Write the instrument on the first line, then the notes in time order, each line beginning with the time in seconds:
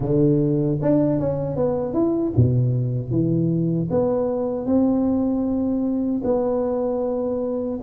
tuba
0.00 D3
0.81 D4
1.19 C#4
1.56 B3
1.93 E4
2.36 B2
3.11 E3
3.90 B3
4.65 C4
6.23 B3